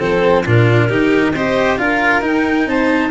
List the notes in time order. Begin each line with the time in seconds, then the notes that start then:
0.00 F3 C4 A4 C5
0.45 A#2 D4 F4 A#4
0.89 D#3 D#4 G4
1.34 C4 G4 C5 D#5
1.78 D4 F4 A#4 F5
2.22 D#4 G5
2.66 C4 C5 A5